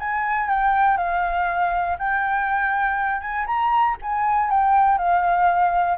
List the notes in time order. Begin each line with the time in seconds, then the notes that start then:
0.00 G#5
0.49 G5
0.97 F5
1.99 G5
3.21 G#5
3.46 A#5
4.02 G#5
4.50 G5
4.98 F5